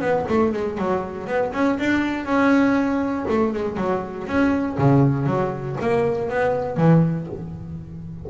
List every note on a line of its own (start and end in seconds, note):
0.00 0.25 B3
0.28 0.52 A3
0.52 0.77 G#3
0.77 1.27 F#3
1.27 1.52 B3
1.53 1.78 C#4
1.79 2.25 D4
2.25 3.25 C#4
3.29 3.53 A3
3.53 3.77 G#3
3.77 4.27 F#3
4.27 4.77 C#4
4.78 5.26 C#3
5.26 5.76 F#3
5.81 6.29 A#3
6.29 6.77 B3
6.77 7.27 E3